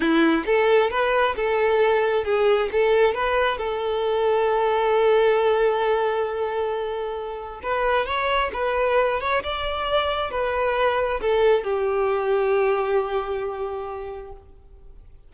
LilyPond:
\new Staff \with { instrumentName = "violin" } { \time 4/4 \tempo 4 = 134 e'4 a'4 b'4 a'4~ | a'4 gis'4 a'4 b'4 | a'1~ | a'1~ |
a'4 b'4 cis''4 b'4~ | b'8 cis''8 d''2 b'4~ | b'4 a'4 g'2~ | g'1 | }